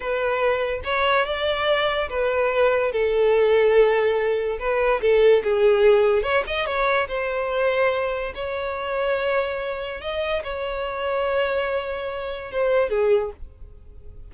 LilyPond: \new Staff \with { instrumentName = "violin" } { \time 4/4 \tempo 4 = 144 b'2 cis''4 d''4~ | d''4 b'2 a'4~ | a'2. b'4 | a'4 gis'2 cis''8 dis''8 |
cis''4 c''2. | cis''1 | dis''4 cis''2.~ | cis''2 c''4 gis'4 | }